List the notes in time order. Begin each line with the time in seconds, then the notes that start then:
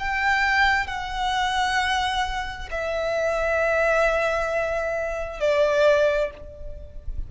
0.00 G5
0.87 F#5
2.71 E5
5.40 D5